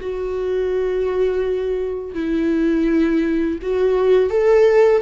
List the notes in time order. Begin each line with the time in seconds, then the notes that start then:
0.00 F#4
2.14 E4
3.61 F#4
4.30 A4